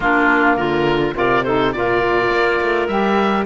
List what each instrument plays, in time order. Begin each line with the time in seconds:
0.00 cello A#3, saxophone A#3, clarinet D4, oboe F4
0.56 cello D3, clarinet F4, oboe A#4
1.13 cello C3, saxophone F4, clarinet A#4, oboe D5
1.44 saxophone D#4, clarinet A4, oboe C5
1.72 cello A#2, saxophone F4, clarinet A#4, oboe D5
2.31 cello A#3
2.61 cello A3
2.87 cello G3, saxophone G4, oboe E5